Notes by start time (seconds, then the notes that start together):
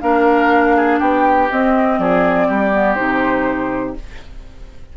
0.00 A#3 D4 A#4 F5
0.76 G#4
0.99 B3 G4 G5
1.50 C4 D#5
1.98 F3 G#4 D5
2.47 G3 G4
2.71 B3
2.94 C3 D#4 C5